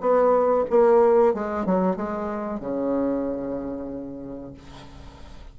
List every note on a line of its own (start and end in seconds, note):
0.00 0.65 B3
0.70 1.34 A#3
1.34 1.66 G#3
1.66 1.96 F#3
1.96 2.60 G#3
2.60 4.53 C#3